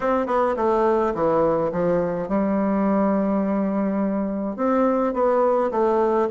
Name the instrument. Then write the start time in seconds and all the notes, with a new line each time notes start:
bassoon
0.00 C4
0.26 B3
0.56 A3
1.14 E3
1.71 F3
2.28 G3
4.56 C4
5.13 B3
5.71 A3